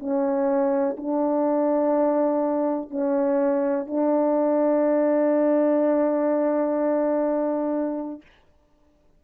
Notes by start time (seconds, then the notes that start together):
0.00 C#4
0.98 D4
2.90 C#4
3.87 D4